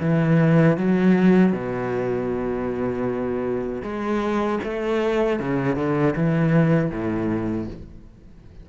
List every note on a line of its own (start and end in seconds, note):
0.00 0.77 E3
0.77 1.52 F#3
1.52 3.82 B2
3.82 4.59 G#3
4.64 5.39 A3
5.39 5.76 C#3
5.76 6.14 D3
6.16 6.90 E3
6.90 7.67 A2